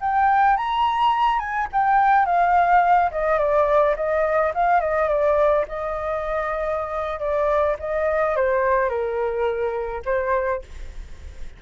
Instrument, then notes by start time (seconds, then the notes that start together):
flute
0.00 G5
0.56 A#5
1.39 G#5
1.72 G5
2.25 F5
3.11 D#5
3.38 D5
3.96 D#5
4.54 F5
4.80 D#5
5.08 D5
5.68 D#5
7.19 D5
7.79 D#5
8.36 C5
8.89 A#4
10.05 C5